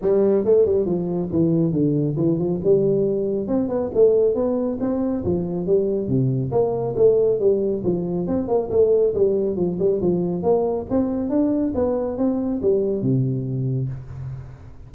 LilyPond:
\new Staff \with { instrumentName = "tuba" } { \time 4/4 \tempo 4 = 138 g4 a8 g8 f4 e4 | d4 e8 f8 g2 | c'8 b8 a4 b4 c'4 | f4 g4 c4 ais4 |
a4 g4 f4 c'8 ais8 | a4 g4 f8 g8 f4 | ais4 c'4 d'4 b4 | c'4 g4 c2 | }